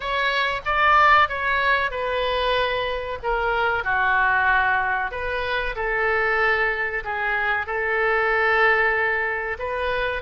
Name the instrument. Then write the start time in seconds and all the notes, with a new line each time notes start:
oboe
0.00 C#5
0.65 D5
1.28 C#5
1.91 B4
3.22 A#4
3.84 F#4
5.11 B4
5.75 A4
7.04 G#4
7.66 A4
9.58 B4